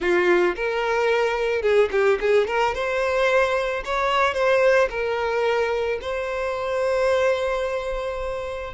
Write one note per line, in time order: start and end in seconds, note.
0.00 0.55 F4
0.55 1.61 A#4
1.61 1.89 G#4
1.91 2.18 G4
2.20 2.47 G#4
2.47 2.74 A#4
2.74 3.83 C5
3.85 4.34 C#5
4.34 4.88 C5
4.90 5.99 A#4
6.01 8.73 C5